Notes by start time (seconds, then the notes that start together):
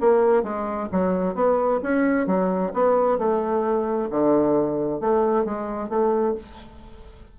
0.00 A#3
0.43 G#3
0.92 F#3
1.34 B3
1.82 C#4
2.26 F#3
2.73 B3
3.18 A3
4.10 D3
5.00 A3
5.45 G#3
5.89 A3